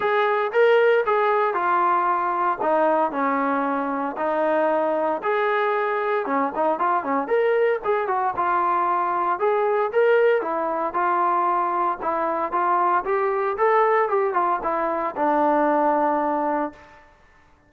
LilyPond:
\new Staff \with { instrumentName = "trombone" } { \time 4/4 \tempo 4 = 115 gis'4 ais'4 gis'4 f'4~ | f'4 dis'4 cis'2 | dis'2 gis'2 | cis'8 dis'8 f'8 cis'8 ais'4 gis'8 fis'8 |
f'2 gis'4 ais'4 | e'4 f'2 e'4 | f'4 g'4 a'4 g'8 f'8 | e'4 d'2. | }